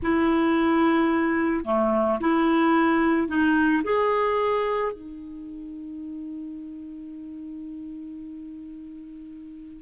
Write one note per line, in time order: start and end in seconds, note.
0.02 1.65 E4
1.65 2.19 A3
2.20 3.28 E4
3.28 3.82 D#4
3.83 4.92 G#4
4.92 9.82 D#4